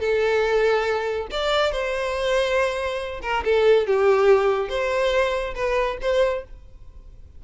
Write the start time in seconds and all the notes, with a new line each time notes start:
0.00 A4
1.31 D5
1.72 C5
3.22 A#4
3.45 A4
3.87 G4
4.69 C5
5.55 B4
6.02 C5